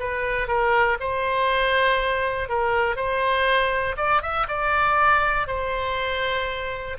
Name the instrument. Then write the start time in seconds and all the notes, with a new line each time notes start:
oboe
0.00 B4
0.48 A#4
1.00 C5
2.49 A#4
2.96 C5
3.97 D5
4.22 E5
4.48 D5
5.48 C5